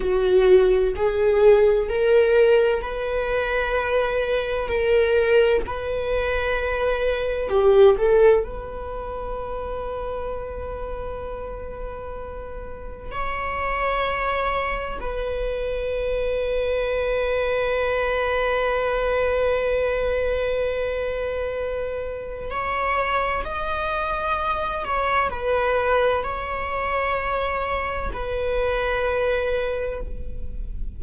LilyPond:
\new Staff \with { instrumentName = "viola" } { \time 4/4 \tempo 4 = 64 fis'4 gis'4 ais'4 b'4~ | b'4 ais'4 b'2 | g'8 a'8 b'2.~ | b'2 cis''2 |
b'1~ | b'1 | cis''4 dis''4. cis''8 b'4 | cis''2 b'2 | }